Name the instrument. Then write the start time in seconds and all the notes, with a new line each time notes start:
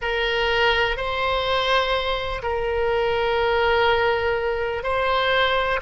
oboe
0.01 A#4
0.97 C5
2.42 A#4
4.83 C5